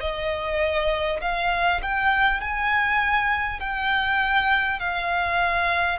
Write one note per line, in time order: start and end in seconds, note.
0.00 1.20 D#5
1.21 1.81 F5
1.82 2.40 G5
2.40 3.60 G#5
3.60 4.79 G5
4.79 5.98 F5